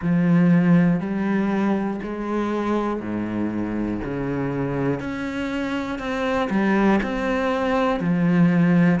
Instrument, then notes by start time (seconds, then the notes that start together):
cello
0.02 F3
1.00 G3
2.02 G#3
3.00 G#2
4.04 C#3
5.00 C#4
5.98 C4
6.50 G3
7.02 C4
8.00 F3